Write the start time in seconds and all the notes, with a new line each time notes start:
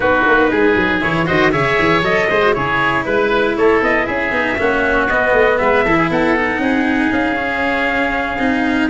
0.00 B3 D#4 F#4 B4
0.26 A#3
0.50 G#3 G#4
0.75 F#3
1.01 E3 E4 C#5
1.26 D#3 F#4 C5 D#5
1.51 C#3 G#4 C#5 E5
1.78 E3
2.01 F#3 A4 D#5
2.29 G#3 G#4 C5
2.42 F#4
2.52 C#3 E4 G#4 C#5
3.05 G#3 B4
3.57 A3 A4 C#5
3.81 B3 D#5
4.06 C#4 G#4 E5
4.31 B3 D#4
4.58 A#3 C#4 F#4
5.08 B3 D#5
5.32 A3
5.58 G#3 B4 E5
5.84 E3 E4 A4
5.97 G#4
6.09 B3 A4 F#5
6.36 D#4
6.58 C4 G#4
7.11 C#4 F5
7.36 C#4
8.38 C4 D#4